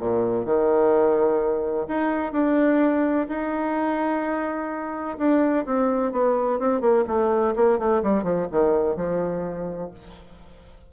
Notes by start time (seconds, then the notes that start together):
0.00 A#2
0.45 D#3
1.88 D#4
2.33 D4
3.29 D#4
5.18 D4
5.66 C4
6.12 B3
6.59 C4
6.81 A#3
7.07 A3
7.56 A#3
7.79 A3
8.03 G3
8.23 F3
8.51 D#3
8.96 F3